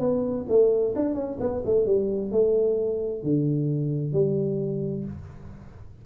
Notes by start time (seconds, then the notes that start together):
0.00 B3
0.49 A3
0.96 D4
1.15 C#4
1.40 B3
1.66 A3
1.86 G3
2.32 A3
3.24 D3
4.13 G3